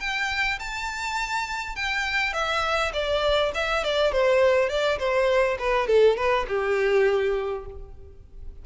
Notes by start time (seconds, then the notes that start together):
0.00 G5
0.59 A5
1.76 G5
2.33 E5
2.93 D5
3.55 E5
3.84 D5
4.12 C5
4.69 D5
4.99 C5
5.59 B4
5.87 A4
6.17 B4
6.48 G4